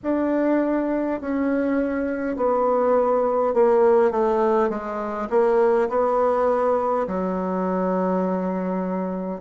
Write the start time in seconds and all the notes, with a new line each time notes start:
0.03 D4
1.21 C#4
2.36 B3
3.53 A#3
4.11 A3
4.69 G#3
5.29 A#3
5.89 B3
7.06 F#3